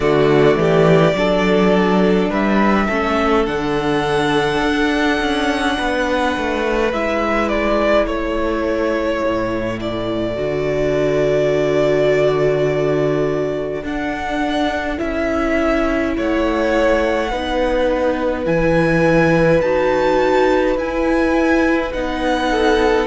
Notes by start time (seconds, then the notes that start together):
0.00 D3 A3 F#4 D5
0.55 E3 G4
1.14 F#3 D4 A4
2.29 G3 B4 E5
2.86 A3 C#4 A4
3.45 D3 D4 F#5
4.61 D4
5.20 C#4
5.78 B3 B4
6.37 A3
6.92 G#3 E4 E5
7.48 D5
8.06 A3 A4 C#5
9.24 A2
9.80 D5
10.35 D3 F#4
13.82 D4 F#5
14.98 C#4 E4 E5
16.16 A3 C#5 F#5
17.30 B3 D#4 B4
18.45 E3 E4 G#5
19.61 D#4 F#4 A5
20.75 E4 G#5
21.93 B3 D#4 F#5
22.50 A4